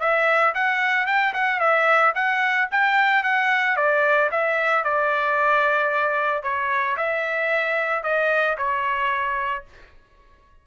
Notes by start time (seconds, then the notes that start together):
0.00 E5
0.54 F#5
1.06 G5
1.34 F#5
1.59 E5
2.15 F#5
2.71 G5
3.23 F#5
3.76 D5
4.31 E5
4.84 D5
6.43 C#5
6.96 E5
8.03 D#5
8.57 C#5